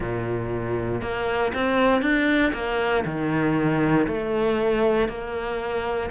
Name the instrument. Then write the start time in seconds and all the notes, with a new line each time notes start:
cello
0.00 A#2
1.01 A#3
1.53 C4
2.01 D4
2.53 A#3
3.05 D#3
4.07 A3
5.08 A#3